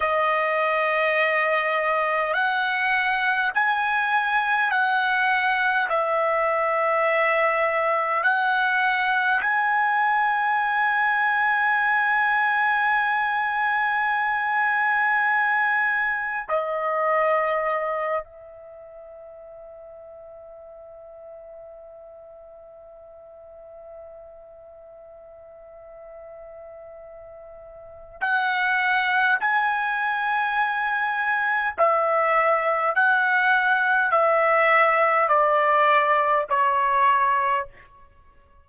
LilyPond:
\new Staff \with { instrumentName = "trumpet" } { \time 4/4 \tempo 4 = 51 dis''2 fis''4 gis''4 | fis''4 e''2 fis''4 | gis''1~ | gis''2 dis''4. e''8~ |
e''1~ | e''1 | fis''4 gis''2 e''4 | fis''4 e''4 d''4 cis''4 | }